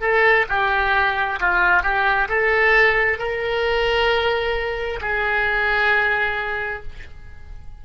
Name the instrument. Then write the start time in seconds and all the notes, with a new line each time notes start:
oboe
0.00 A4
0.48 G4
1.40 F4
1.82 G4
2.28 A4
3.18 A#4
5.01 G#4